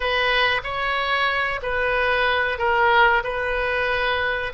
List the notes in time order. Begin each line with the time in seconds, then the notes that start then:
0.00 B4
0.63 C#5
1.62 B4
2.58 A#4
3.23 B4